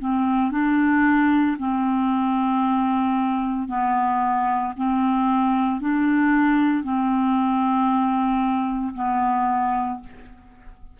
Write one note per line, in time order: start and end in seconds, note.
0.00 0.52 C4
0.52 1.57 D4
1.59 3.68 C4
3.68 4.74 B3
4.77 5.81 C4
5.81 6.84 D4
6.84 8.94 C4
8.95 10.00 B3